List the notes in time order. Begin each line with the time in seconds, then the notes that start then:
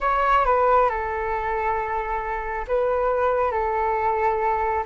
0.00 C#5
0.45 B4
0.89 A4
2.67 B4
3.51 A4